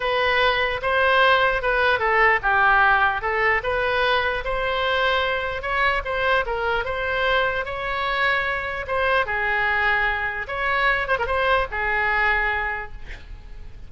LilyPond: \new Staff \with { instrumentName = "oboe" } { \time 4/4 \tempo 4 = 149 b'2 c''2 | b'4 a'4 g'2 | a'4 b'2 c''4~ | c''2 cis''4 c''4 |
ais'4 c''2 cis''4~ | cis''2 c''4 gis'4~ | gis'2 cis''4. c''16 ais'16 | c''4 gis'2. | }